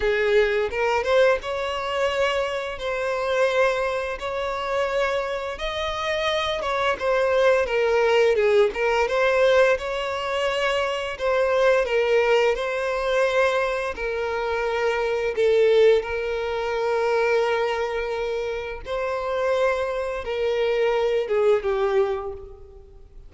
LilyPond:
\new Staff \with { instrumentName = "violin" } { \time 4/4 \tempo 4 = 86 gis'4 ais'8 c''8 cis''2 | c''2 cis''2 | dis''4. cis''8 c''4 ais'4 | gis'8 ais'8 c''4 cis''2 |
c''4 ais'4 c''2 | ais'2 a'4 ais'4~ | ais'2. c''4~ | c''4 ais'4. gis'8 g'4 | }